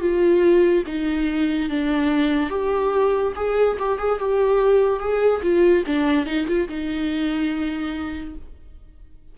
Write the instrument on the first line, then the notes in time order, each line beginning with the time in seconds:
viola
0.00 F4
0.86 D#4
1.69 D4
2.49 G4
3.35 G#4
3.79 G4
3.98 G#4
4.19 G4
4.99 G#4
5.42 F4
5.86 D4
6.26 D#4
6.47 F4
6.68 D#4